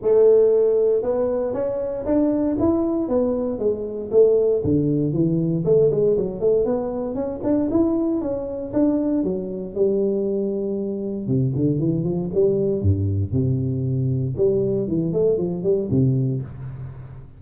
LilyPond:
\new Staff \with { instrumentName = "tuba" } { \time 4/4 \tempo 4 = 117 a2 b4 cis'4 | d'4 e'4 b4 gis4 | a4 d4 e4 a8 gis8 | fis8 a8 b4 cis'8 d'8 e'4 |
cis'4 d'4 fis4 g4~ | g2 c8 d8 e8 f8 | g4 g,4 c2 | g4 e8 a8 f8 g8 c4 | }